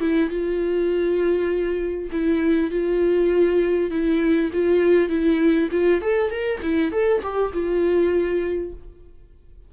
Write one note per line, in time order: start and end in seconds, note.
0.00 0.30 E4
0.30 2.10 F4
2.12 2.71 E4
2.71 3.91 F4
3.91 4.51 E4
4.53 5.09 F4
5.09 5.69 E4
5.71 6.01 F4
6.01 6.31 A4
6.31 6.61 A#4
6.62 6.92 E4
6.92 7.22 A4
7.22 7.52 G4
7.53 8.73 F4